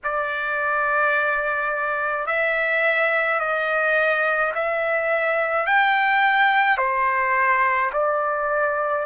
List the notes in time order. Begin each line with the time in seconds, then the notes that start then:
0.03 D5
2.26 E5
3.40 D#5
4.54 E5
5.66 G5
6.77 C5
7.92 D5